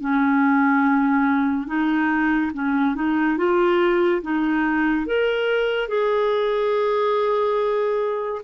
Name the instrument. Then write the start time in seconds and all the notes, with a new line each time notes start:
clarinet
0.00 C#4
1.67 D#4
2.53 C#4
2.95 D#4
3.37 F4
4.22 D#4
5.06 A#4
5.88 G#4